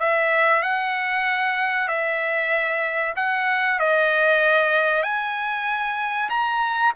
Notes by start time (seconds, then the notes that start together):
0.00 E5
0.63 F#5
1.88 E5
3.16 F#5
3.80 D#5
5.03 G#5
6.30 A#5